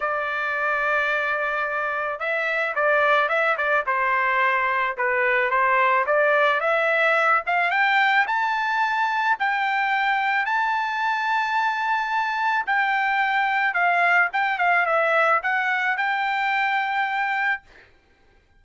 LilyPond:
\new Staff \with { instrumentName = "trumpet" } { \time 4/4 \tempo 4 = 109 d''1 | e''4 d''4 e''8 d''8 c''4~ | c''4 b'4 c''4 d''4 | e''4. f''8 g''4 a''4~ |
a''4 g''2 a''4~ | a''2. g''4~ | g''4 f''4 g''8 f''8 e''4 | fis''4 g''2. | }